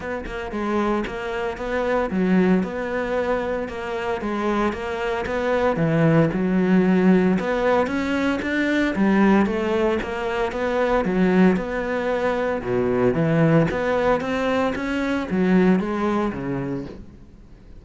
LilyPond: \new Staff \with { instrumentName = "cello" } { \time 4/4 \tempo 4 = 114 b8 ais8 gis4 ais4 b4 | fis4 b2 ais4 | gis4 ais4 b4 e4 | fis2 b4 cis'4 |
d'4 g4 a4 ais4 | b4 fis4 b2 | b,4 e4 b4 c'4 | cis'4 fis4 gis4 cis4 | }